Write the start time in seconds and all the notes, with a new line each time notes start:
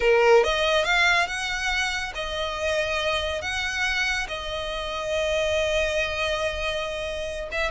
0.00 A#4
0.43 D#5
0.84 F5
1.27 F#5
2.14 D#5
3.41 F#5
4.27 D#5
7.51 E5